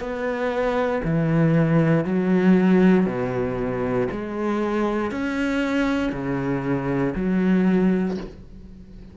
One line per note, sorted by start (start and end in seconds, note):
0.00 1.02 B3
1.04 2.05 E3
2.05 3.06 F#3
3.06 4.08 B2
4.11 5.12 G#3
5.12 6.12 C#4
6.12 7.14 C#3
7.16 8.17 F#3